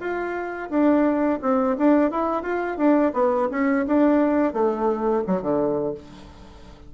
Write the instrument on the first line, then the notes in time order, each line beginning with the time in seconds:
bassoon
0.00 F4
0.70 D4
1.42 C4
1.78 D4
2.12 E4
2.43 F4
2.78 D4
3.14 B3
3.51 C#4
3.87 D4
4.53 A3
5.27 F#3
5.42 D3